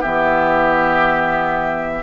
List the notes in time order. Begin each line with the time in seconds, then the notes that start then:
0.00 E3 B3 G4 E5